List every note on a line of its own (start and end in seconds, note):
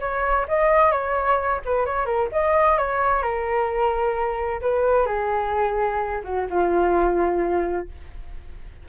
0.00 0.46 C#5
0.48 0.91 D#5
0.91 1.61 C#5
1.65 1.85 B4
1.85 2.06 C#5
2.06 2.29 A#4
2.32 2.77 D#5
2.77 3.22 C#5
3.22 4.61 A#4
4.61 5.06 B4
5.06 6.21 G#4
6.24 6.47 F#4
6.50 7.89 F4